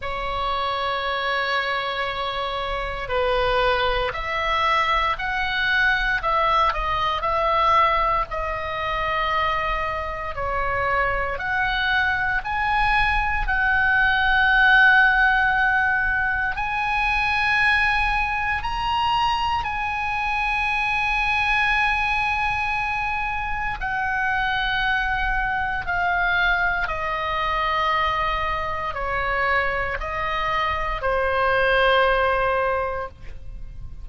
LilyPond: \new Staff \with { instrumentName = "oboe" } { \time 4/4 \tempo 4 = 58 cis''2. b'4 | e''4 fis''4 e''8 dis''8 e''4 | dis''2 cis''4 fis''4 | gis''4 fis''2. |
gis''2 ais''4 gis''4~ | gis''2. fis''4~ | fis''4 f''4 dis''2 | cis''4 dis''4 c''2 | }